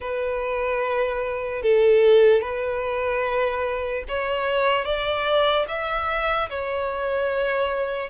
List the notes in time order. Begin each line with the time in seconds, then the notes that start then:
0.00 B4
1.62 A4
2.41 B4
4.08 C#5
4.84 D5
5.68 E5
6.49 C#5